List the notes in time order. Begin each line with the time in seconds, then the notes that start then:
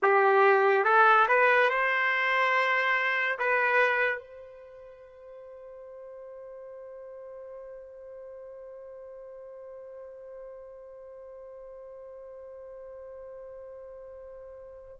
0.02 G4
0.84 A4
1.28 B4
1.69 C5
3.38 B4
4.18 C5